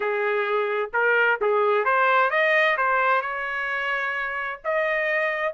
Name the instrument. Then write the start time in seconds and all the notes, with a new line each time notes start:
trumpet
0.00 G#4
0.93 A#4
1.41 G#4
1.84 C5
2.30 D#5
2.77 C5
3.21 C#5
4.64 D#5